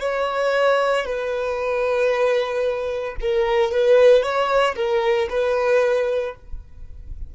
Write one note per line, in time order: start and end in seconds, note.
0.00 1.05 C#5
1.05 3.16 B4
3.21 3.71 A#4
3.71 4.22 B4
4.22 4.75 C#5
4.76 5.28 A#4
5.29 6.34 B4